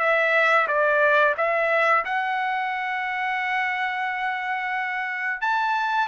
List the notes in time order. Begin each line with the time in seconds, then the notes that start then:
0.00 E5
0.68 D5
1.38 E5
2.05 F#5
5.41 A5